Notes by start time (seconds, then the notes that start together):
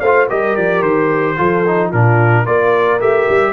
0.00 A3 F4 C5 F5
0.28 G3 G4 A#4 D#5
0.56 F3 D5
0.82 D#3 C5
1.37 F3 F4 A4
1.67 D#4
1.90 A#2 D4 F4 A#4
2.46 A#3 F4 A#4 D5
3.00 A3 G4 E5
3.29 G3